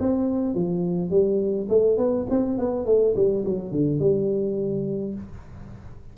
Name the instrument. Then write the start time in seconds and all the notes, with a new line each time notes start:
tuba
0.00 C4
0.55 F3
1.10 G3
1.69 A3
1.97 B3
2.30 C4
2.58 B3
2.86 A3
3.16 G3
3.45 F#3
3.71 D3
3.99 G3